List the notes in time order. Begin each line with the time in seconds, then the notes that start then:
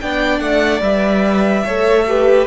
0.00 B3 D4 D5 G5
0.39 A3 F#5
0.81 G3 B4 E5
1.64 A3 A4 C#5
2.08 G4 B4